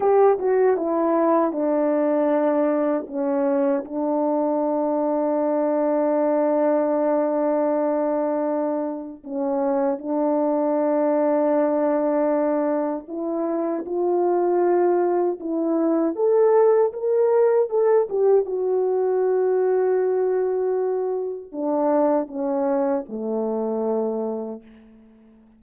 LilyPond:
\new Staff \with { instrumentName = "horn" } { \time 4/4 \tempo 4 = 78 g'8 fis'8 e'4 d'2 | cis'4 d'2.~ | d'1 | cis'4 d'2.~ |
d'4 e'4 f'2 | e'4 a'4 ais'4 a'8 g'8 | fis'1 | d'4 cis'4 a2 | }